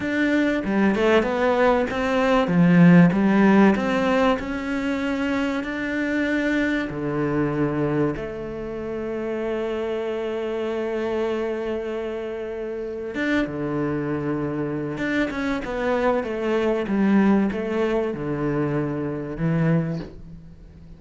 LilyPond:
\new Staff \with { instrumentName = "cello" } { \time 4/4 \tempo 4 = 96 d'4 g8 a8 b4 c'4 | f4 g4 c'4 cis'4~ | cis'4 d'2 d4~ | d4 a2.~ |
a1~ | a4 d'8 d2~ d8 | d'8 cis'8 b4 a4 g4 | a4 d2 e4 | }